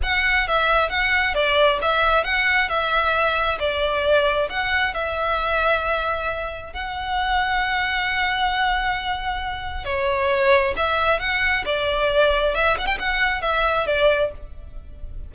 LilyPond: \new Staff \with { instrumentName = "violin" } { \time 4/4 \tempo 4 = 134 fis''4 e''4 fis''4 d''4 | e''4 fis''4 e''2 | d''2 fis''4 e''4~ | e''2. fis''4~ |
fis''1~ | fis''2 cis''2 | e''4 fis''4 d''2 | e''8 fis''16 g''16 fis''4 e''4 d''4 | }